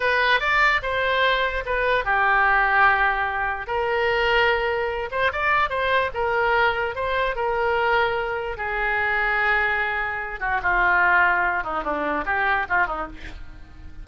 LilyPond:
\new Staff \with { instrumentName = "oboe" } { \time 4/4 \tempo 4 = 147 b'4 d''4 c''2 | b'4 g'2.~ | g'4 ais'2.~ | ais'8 c''8 d''4 c''4 ais'4~ |
ais'4 c''4 ais'2~ | ais'4 gis'2.~ | gis'4. fis'8 f'2~ | f'8 dis'8 d'4 g'4 f'8 dis'8 | }